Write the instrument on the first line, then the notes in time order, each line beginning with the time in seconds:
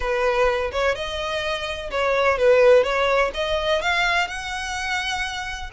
violin
0.00 B4
0.71 C#5
0.95 D#5
1.90 C#5
2.38 B4
2.83 C#5
3.34 D#5
3.81 F5
4.27 F#5